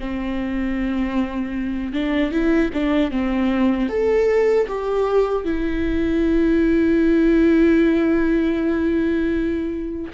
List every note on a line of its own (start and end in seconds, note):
0.00 1.93 C4
1.93 2.31 D4
2.31 2.70 E4
2.73 3.11 D4
3.11 3.89 C4
3.89 4.67 A4
4.68 5.44 G4
5.44 10.12 E4